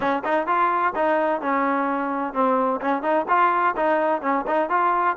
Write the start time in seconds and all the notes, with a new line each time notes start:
0.00 C#4
0.24 D#4
0.46 F4
0.95 D#4
1.41 C#4
2.33 C4
2.81 C#4
3.02 D#4
3.28 F4
3.76 D#4
4.21 C#4
4.47 D#4
4.69 F4